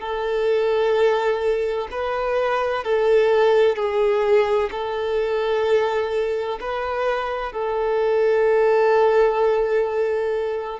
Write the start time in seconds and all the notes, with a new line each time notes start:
0.00 A4
1.91 B4
2.83 A4
3.75 G#4
4.71 A4
6.60 B4
7.52 A4